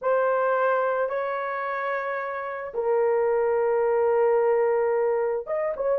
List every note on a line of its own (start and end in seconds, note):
0.01 1.09 C5
1.09 2.72 C#5
2.74 5.46 A#4
5.46 5.74 D#5
5.76 5.99 C#5